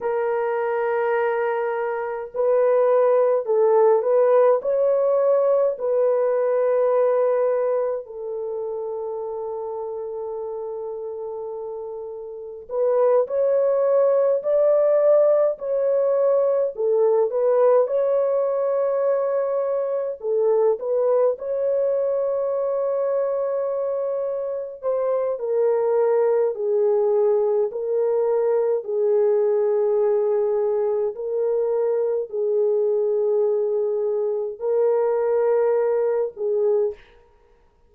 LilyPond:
\new Staff \with { instrumentName = "horn" } { \time 4/4 \tempo 4 = 52 ais'2 b'4 a'8 b'8 | cis''4 b'2 a'4~ | a'2. b'8 cis''8~ | cis''8 d''4 cis''4 a'8 b'8 cis''8~ |
cis''4. a'8 b'8 cis''4.~ | cis''4. c''8 ais'4 gis'4 | ais'4 gis'2 ais'4 | gis'2 ais'4. gis'8 | }